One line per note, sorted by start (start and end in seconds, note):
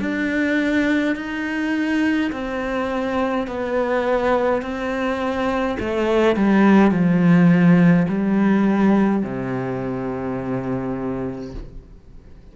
0.00 1.15 D4
1.15 2.31 D#4
2.31 3.47 C4
3.47 4.62 B3
4.62 5.77 C4
5.80 6.36 A3
6.36 6.91 G3
6.91 8.06 F3
8.08 9.23 G3
9.23 11.54 C3